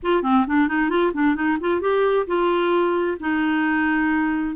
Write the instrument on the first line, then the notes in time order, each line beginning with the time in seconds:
clarinet
0.02 F4
0.23 C4
0.47 D4
0.67 D#4
0.89 F4
1.13 D4
1.35 D#4
1.60 F4
1.81 G4
2.26 F4
3.19 D#4